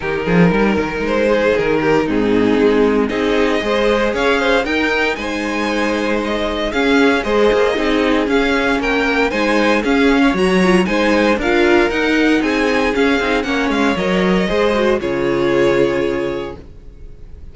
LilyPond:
<<
  \new Staff \with { instrumentName = "violin" } { \time 4/4 \tempo 4 = 116 ais'2 c''4 ais'4 | gis'2 dis''2 | f''4 g''4 gis''2 | dis''4 f''4 dis''2 |
f''4 g''4 gis''4 f''4 | ais''4 gis''4 f''4 fis''4 | gis''4 f''4 fis''8 f''8 dis''4~ | dis''4 cis''2. | }
  \new Staff \with { instrumentName = "violin" } { \time 4/4 g'8 gis'8 ais'4. gis'4 g'8 | dis'2 gis'4 c''4 | cis''8 c''8 ais'4 c''2~ | c''4 gis'4 c''4 gis'4~ |
gis'4 ais'4 c''4 gis'8. cis''16~ | cis''4 c''4 ais'2 | gis'2 cis''2 | c''4 gis'2. | }
  \new Staff \with { instrumentName = "viola" } { \time 4/4 dis'1 | c'2 dis'4 gis'4~ | gis'4 dis'2.~ | dis'4 cis'4 gis'4 dis'4 |
cis'2 dis'4 cis'4 | fis'8 f'8 dis'4 f'4 dis'4~ | dis'4 cis'8 dis'8 cis'4 ais'4 | gis'8 fis'8 f'2. | }
  \new Staff \with { instrumentName = "cello" } { \time 4/4 dis8 f8 g8 dis8 gis4 dis4 | gis,4 gis4 c'4 gis4 | cis'4 dis'4 gis2~ | gis4 cis'4 gis8 ais8 c'4 |
cis'4 ais4 gis4 cis'4 | fis4 gis4 d'4 dis'4 | c'4 cis'8 c'8 ais8 gis8 fis4 | gis4 cis2. | }
>>